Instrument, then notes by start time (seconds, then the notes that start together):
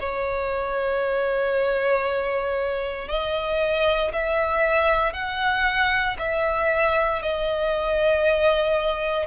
violin
0.00 C#5
3.08 D#5
4.13 E5
5.13 F#5
6.19 E5
7.22 D#5